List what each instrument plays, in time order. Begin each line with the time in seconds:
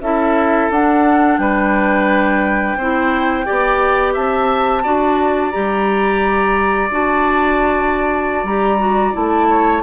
0.00 bassoon C#4, clarinet E4, oboe A4, flute E5
0.70 bassoon D4, clarinet D4, flute F#5
1.38 bassoon G3, oboe B4, flute G5
2.77 bassoon C4, clarinet E4, oboe C5
3.45 bassoon B3, clarinet G4, oboe D5
4.13 bassoon C4, oboe E5, flute A5
4.83 bassoon D4, clarinet F#4, oboe D5
5.51 bassoon G3, clarinet G4, flute A#5
6.90 bassoon D4, clarinet F#4, flute A5
8.43 bassoon G3, clarinet G4, flute A#5
8.79 clarinet F#4
9.13 bassoon A3, clarinet E4, flute A5
9.49 oboe C#5